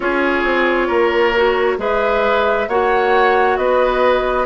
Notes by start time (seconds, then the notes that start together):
0.00 C#4 F4 G#4 C#5
0.43 C4
0.87 A#3 A#4
1.35 F#4
1.77 G#3 G#4 B4 E5
2.68 A#3 F#4 C#5 F#5
3.57 B3 B4 D#5